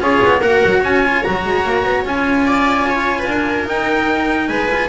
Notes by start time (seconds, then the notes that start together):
0.00 C#4 F4 G#4 C#5
0.24 B3
0.39 A#3 F#4 A#4 F#5
0.64 F#3
0.80 C#4 C#5 G#5
1.03 F4
1.23 F#3 F#4 A#5
1.44 G#3
1.64 A#3
1.84 B3
2.04 C#4 F4 G#5
2.46 D5
2.89 C#5
3.18 B4
3.26 D4 A#4
3.64 D#4 G5
4.48 G#3 B4 G#5
4.71 F4